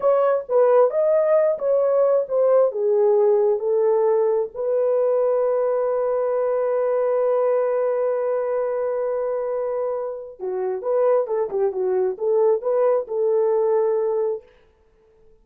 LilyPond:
\new Staff \with { instrumentName = "horn" } { \time 4/4 \tempo 4 = 133 cis''4 b'4 dis''4. cis''8~ | cis''4 c''4 gis'2 | a'2 b'2~ | b'1~ |
b'1~ | b'2. fis'4 | b'4 a'8 g'8 fis'4 a'4 | b'4 a'2. | }